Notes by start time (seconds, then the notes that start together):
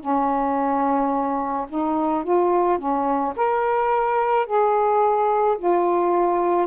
0.00 C#4
1.69 D#4
2.24 F4
2.78 C#4
3.36 A#4
4.46 G#4
5.58 F4